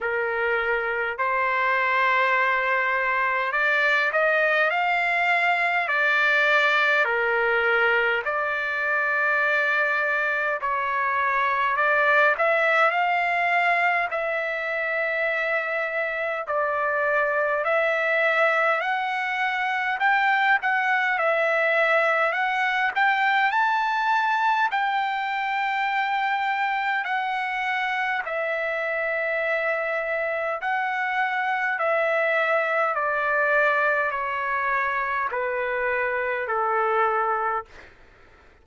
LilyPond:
\new Staff \with { instrumentName = "trumpet" } { \time 4/4 \tempo 4 = 51 ais'4 c''2 d''8 dis''8 | f''4 d''4 ais'4 d''4~ | d''4 cis''4 d''8 e''8 f''4 | e''2 d''4 e''4 |
fis''4 g''8 fis''8 e''4 fis''8 g''8 | a''4 g''2 fis''4 | e''2 fis''4 e''4 | d''4 cis''4 b'4 a'4 | }